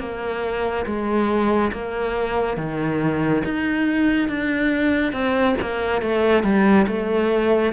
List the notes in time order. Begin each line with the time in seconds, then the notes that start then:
0.00 A#3
0.86 G#3
1.73 A#3
2.58 D#3
3.45 D#4
4.29 D4
5.13 C4
5.61 A#3
6.02 A3
6.44 G3
6.88 A3